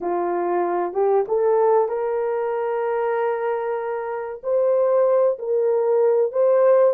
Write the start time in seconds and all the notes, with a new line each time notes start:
0.01 F4
0.93 G4
1.28 A4
1.88 A#4
4.43 C5
5.38 A#4
6.32 C5